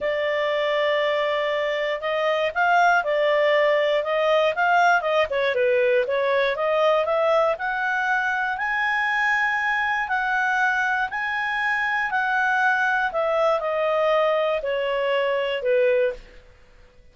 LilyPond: \new Staff \with { instrumentName = "clarinet" } { \time 4/4 \tempo 4 = 119 d''1 | dis''4 f''4 d''2 | dis''4 f''4 dis''8 cis''8 b'4 | cis''4 dis''4 e''4 fis''4~ |
fis''4 gis''2. | fis''2 gis''2 | fis''2 e''4 dis''4~ | dis''4 cis''2 b'4 | }